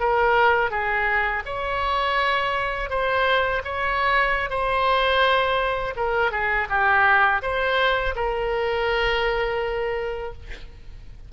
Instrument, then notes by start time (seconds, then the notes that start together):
oboe
0.00 A#4
0.71 G#4
1.46 C#5
2.90 C5
3.64 C#5
4.50 C5
5.96 A#4
6.32 G#4
6.69 G4
7.42 C5
8.16 A#4